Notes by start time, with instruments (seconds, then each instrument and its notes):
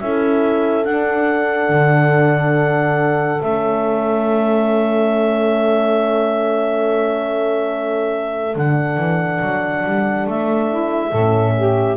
0.00 double bass C#4, horn E4, saxophone A4, clarinet E5
0.84 horn D4, double bass D4, clarinet F#5
1.69 double bass D3
3.42 double bass A3, horn C#4, clarinet E5
8.56 double bass D3, horn D4, clarinet F#5
8.97 double bass E3
9.42 double bass F#3
9.86 double bass G3
10.27 double bass A3, clarinet E5
10.69 saxophone E4
11.11 double bass A2, saxophone A4
11.18 horn C#4
11.57 saxophone G4